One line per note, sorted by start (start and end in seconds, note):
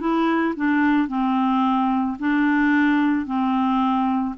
0.00 0.55 E4
0.56 1.08 D4
1.08 2.17 C4
2.19 3.26 D4
3.26 4.35 C4